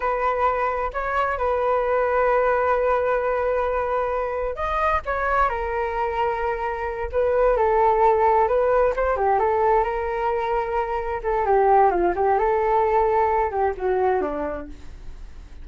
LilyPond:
\new Staff \with { instrumentName = "flute" } { \time 4/4 \tempo 4 = 131 b'2 cis''4 b'4~ | b'1~ | b'2 dis''4 cis''4 | ais'2.~ ais'8 b'8~ |
b'8 a'2 b'4 c''8 | g'8 a'4 ais'2~ ais'8~ | ais'8 a'8 g'4 f'8 g'8 a'4~ | a'4. g'8 fis'4 d'4 | }